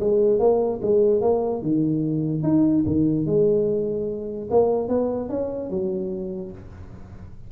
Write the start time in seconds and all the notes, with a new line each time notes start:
0.00 G#3
0.39 A#3
0.82 G#3
1.21 A#3
1.62 D#3
2.43 D#4
2.86 D#3
3.26 G#3
4.50 A#3
4.89 B3
5.29 C#4
5.70 F#3